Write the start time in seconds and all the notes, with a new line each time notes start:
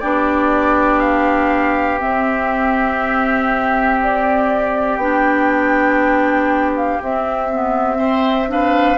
0.00 B3 D4 G4 D5
0.99 F5
1.99 C4 E5
4.03 D5
4.96 B3 D4 G5
6.76 F5
7.00 C4 E5
7.51 B3
7.96 C4 C5
8.47 D4 B4 F5